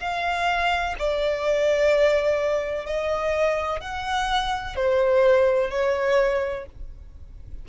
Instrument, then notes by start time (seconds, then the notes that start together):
violin
0.00 F5
1.00 D5
2.87 D#5
3.81 F#5
4.76 C5
5.71 C#5